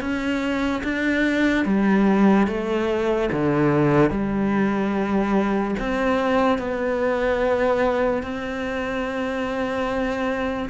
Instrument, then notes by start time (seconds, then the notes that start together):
cello
0.00 C#4
0.84 D4
1.65 G3
2.47 A3
3.32 D3
4.10 G3
5.79 C4
6.58 B3
8.23 C4